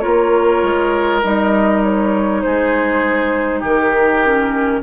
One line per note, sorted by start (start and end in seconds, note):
0.00 0.62 A#3
0.00 1.21 F4
0.00 2.42 A#4
0.00 1.20 C#5
0.62 1.23 G#3
1.23 2.44 G3
1.23 4.24 D#4
1.23 1.83 D#5
1.83 2.42 C#5
2.42 3.62 G#3
2.42 3.60 G#4
2.42 3.62 C5
3.60 4.82 D#3
3.60 4.80 G4
3.67 4.83 A#4
4.24 4.83 C#4